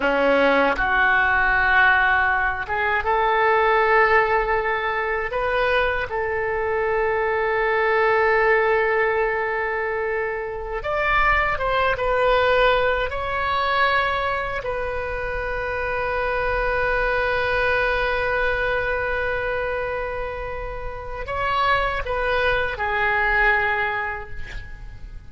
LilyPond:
\new Staff \with { instrumentName = "oboe" } { \time 4/4 \tempo 4 = 79 cis'4 fis'2~ fis'8 gis'8 | a'2. b'4 | a'1~ | a'2~ a'16 d''4 c''8 b'16~ |
b'4~ b'16 cis''2 b'8.~ | b'1~ | b'1 | cis''4 b'4 gis'2 | }